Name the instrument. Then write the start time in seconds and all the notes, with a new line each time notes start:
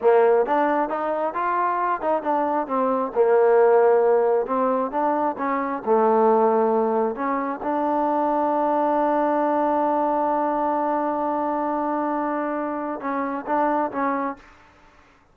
trombone
0.01 A#3
0.45 D4
0.89 D#4
1.34 F4
2.01 D#4
2.22 D4
2.67 C4
3.14 A#3
4.46 C4
4.91 D4
5.38 C#4
5.85 A3
7.15 C#4
7.62 D4
13.00 C#4
13.46 D4
13.91 C#4